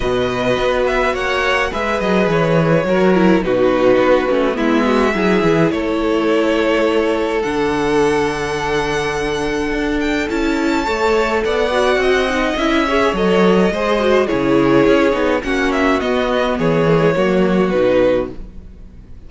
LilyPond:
<<
  \new Staff \with { instrumentName = "violin" } { \time 4/4 \tempo 4 = 105 dis''4. e''8 fis''4 e''8 dis''8 | cis''2 b'2 | e''2 cis''2~ | cis''4 fis''2.~ |
fis''4. g''8 a''2 | fis''2 e''4 dis''4~ | dis''4 cis''2 fis''8 e''8 | dis''4 cis''2 b'4 | }
  \new Staff \with { instrumentName = "violin" } { \time 4/4 b'2 cis''4 b'4~ | b'4 ais'4 fis'2 | e'8 fis'8 gis'4 a'2~ | a'1~ |
a'2. cis''4 | d''4 dis''4. cis''4. | c''4 gis'2 fis'4~ | fis'4 gis'4 fis'2 | }
  \new Staff \with { instrumentName = "viola" } { \time 4/4 fis'2. gis'4~ | gis'4 fis'8 e'8 dis'4. cis'8 | b4 e'2.~ | e'4 d'2.~ |
d'2 e'4 a'4~ | a'8 fis'4 dis'8 e'8 gis'8 a'4 | gis'8 fis'8 e'4. dis'8 cis'4 | b4. ais16 gis16 ais4 dis'4 | }
  \new Staff \with { instrumentName = "cello" } { \time 4/4 b,4 b4 ais4 gis8 fis8 | e4 fis4 b,4 b8 a8 | gis4 fis8 e8 a2~ | a4 d2.~ |
d4 d'4 cis'4 a4 | b4 c'4 cis'4 fis4 | gis4 cis4 cis'8 b8 ais4 | b4 e4 fis4 b,4 | }
>>